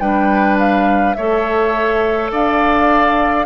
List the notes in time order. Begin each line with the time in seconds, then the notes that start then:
0.00 G3 D4 B4 G5
0.59 F5
1.15 A3 A4 C#5 E5
2.32 D4 D5 F5